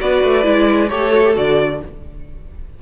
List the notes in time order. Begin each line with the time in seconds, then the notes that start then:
0.00 B3 F#4 B4 D5
0.24 A3
0.44 G#3 E4
0.89 A3 G4 A4 C#5
1.12 F#4
1.24 G4
1.34 D3 F#4 D5